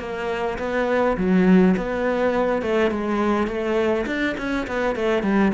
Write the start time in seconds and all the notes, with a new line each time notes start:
0.00 A#3
0.59 B3
1.17 F#3
1.77 B3
2.62 A3
2.91 G#3
3.47 A3
4.07 D4
4.38 C#4
4.67 B3
4.96 A3
5.23 G3